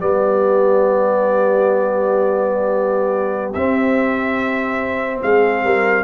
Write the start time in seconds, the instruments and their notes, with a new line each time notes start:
0.00 tuba G3, trombone B3, horn G4, trumpet D5
3.54 tuba C4, trombone C4, trumpet E5
5.23 tuba G#3, horn G#4, trumpet F5
5.65 tuba G3, horn A#4